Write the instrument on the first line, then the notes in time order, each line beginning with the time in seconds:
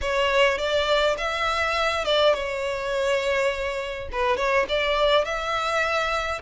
violin
0.01 C#5
0.57 D5
1.17 E5
2.04 D5
2.34 C#5
4.11 B4
4.37 C#5
4.68 D5
5.25 E5